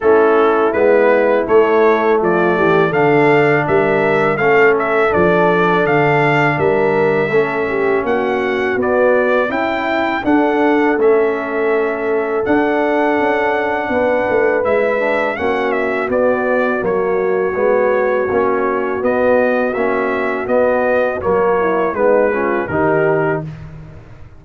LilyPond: <<
  \new Staff \with { instrumentName = "trumpet" } { \time 4/4 \tempo 4 = 82 a'4 b'4 cis''4 d''4 | f''4 e''4 f''8 e''8 d''4 | f''4 e''2 fis''4 | d''4 g''4 fis''4 e''4~ |
e''4 fis''2. | e''4 fis''8 e''8 d''4 cis''4~ | cis''2 dis''4 e''4 | dis''4 cis''4 b'4 ais'4 | }
  \new Staff \with { instrumentName = "horn" } { \time 4/4 e'2. f'8 g'8 | a'4 ais'4 a'2~ | a'4 ais'4 a'8 g'8 fis'4~ | fis'4 e'4 a'2~ |
a'2. b'4~ | b'4 fis'2.~ | fis'1~ | fis'4. e'8 dis'8 f'8 g'4 | }
  \new Staff \with { instrumentName = "trombone" } { \time 4/4 cis'4 b4 a2 | d'2 cis'4 d'4~ | d'2 cis'2 | b4 e'4 d'4 cis'4~ |
cis'4 d'2. | e'8 d'8 cis'4 b4 ais4 | b4 cis'4 b4 cis'4 | b4 ais4 b8 cis'8 dis'4 | }
  \new Staff \with { instrumentName = "tuba" } { \time 4/4 a4 gis4 a4 f8 e8 | d4 g4 a4 f4 | d4 g4 a4 ais4 | b4 cis'4 d'4 a4~ |
a4 d'4 cis'4 b8 a8 | gis4 ais4 b4 fis4 | gis4 ais4 b4 ais4 | b4 fis4 gis4 dis4 | }
>>